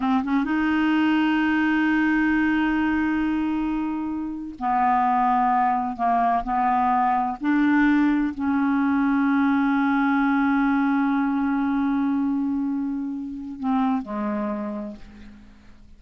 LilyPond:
\new Staff \with { instrumentName = "clarinet" } { \time 4/4 \tempo 4 = 128 c'8 cis'8 dis'2.~ | dis'1~ | dis'4.~ dis'16 b2~ b16~ | b8. ais4 b2 d'16~ |
d'4.~ d'16 cis'2~ cis'16~ | cis'1~ | cis'1~ | cis'4 c'4 gis2 | }